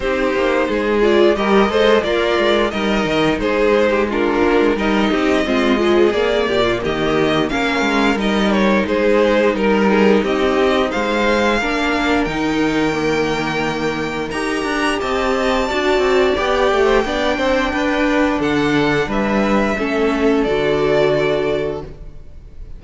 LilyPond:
<<
  \new Staff \with { instrumentName = "violin" } { \time 4/4 \tempo 4 = 88 c''4. d''8 dis''4 d''4 | dis''4 c''4 ais'4 dis''4~ | dis''4 d''4 dis''4 f''4 | dis''8 cis''8 c''4 ais'4 dis''4 |
f''2 g''2~ | g''4 ais''4 a''2 | g''2. fis''4 | e''2 d''2 | }
  \new Staff \with { instrumentName = "violin" } { \time 4/4 g'4 gis'4 ais'8 c''8 f'4 | ais'4 gis'8. g'16 f'4 ais'8 g'8 | f'8 gis'4 g'16 f'16 g'4 ais'4~ | ais'4 gis'4 ais'8 gis'8 g'4 |
c''4 ais'2.~ | ais'2 dis''4 d''4~ | d''8. c''16 d''8 c''8 b'4 a'4 | b'4 a'2. | }
  \new Staff \with { instrumentName = "viola" } { \time 4/4 dis'4. f'8 g'8 a'8 ais'4 | dis'2 d'4 dis'4 | c'8 f8 ais2 cis'4 | dis'1~ |
dis'4 d'4 dis'4 ais4~ | ais4 g'2 fis'4 | g'4 d'2.~ | d'4 cis'4 fis'2 | }
  \new Staff \with { instrumentName = "cello" } { \time 4/4 c'8 ais8 gis4 g8 gis8 ais8 gis8 | g8 dis8 gis4. ais16 gis16 g8 c'8 | gis4 ais8 ais,8 dis4 ais8 gis8 | g4 gis4 g4 c'4 |
gis4 ais4 dis2~ | dis4 dis'8 d'8 c'4 d'8 c'8 | b8 a8 b8 c'8 d'4 d4 | g4 a4 d2 | }
>>